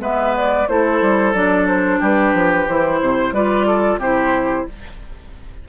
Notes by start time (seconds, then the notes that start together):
0.00 G#3 B3 B4 E5
0.37 D5
0.69 A3 E4 A4 C5
1.02 G3
1.34 F#3 D4 D5
1.68 C5
2.00 G3 G4 B4
2.34 F3
2.68 E3 E4 C5
3.01 C3 C5
3.32 G3 F4 B4 D5
3.67 A4
3.98 C3 E4 G4 C5